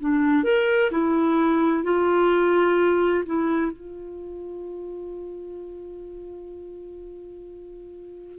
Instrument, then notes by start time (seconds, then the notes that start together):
clarinet
0.00 D4
0.44 A#4
0.91 E4
1.84 F4
3.26 E4
3.72 F4